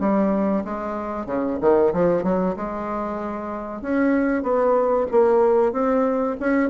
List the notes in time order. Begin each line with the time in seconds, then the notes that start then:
0.00 G3
0.65 G#3
1.26 C#3
1.61 D#3
1.93 F3
2.23 F#3
2.57 G#3
3.82 C#4
4.43 B3
5.12 A#3
5.72 C4
6.40 C#4